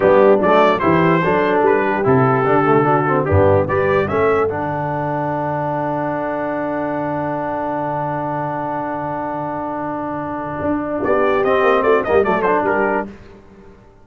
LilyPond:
<<
  \new Staff \with { instrumentName = "trumpet" } { \time 4/4 \tempo 4 = 147 g'4 d''4 c''2 | b'4 a'2. | g'4 d''4 e''4 fis''4~ | fis''1~ |
fis''1~ | fis''1~ | fis''2. d''4 | dis''4 d''8 dis''8 d''8 c''8 ais'4 | }
  \new Staff \with { instrumentName = "horn" } { \time 4/4 d'2 g'4 a'4~ | a'8 g'2~ g'8 fis'4 | d'4 b'4 a'2~ | a'1~ |
a'1~ | a'1~ | a'2. g'4~ | g'4 fis'8 g'8 a'4 g'4 | }
  \new Staff \with { instrumentName = "trombone" } { \time 4/4 b4 a4 e'4 d'4~ | d'4 e'4 d'8 a8 d'8 c'8 | b4 g'4 cis'4 d'4~ | d'1~ |
d'1~ | d'1~ | d'1 | c'4. ais8 a8 d'4. | }
  \new Staff \with { instrumentName = "tuba" } { \time 4/4 g4 fis4 e4 fis4 | g4 c4 d2 | g,4 g4 a4 d4~ | d1~ |
d1~ | d1~ | d2 d'4 b4 | c'8 ais8 a8 g8 fis4 g4 | }
>>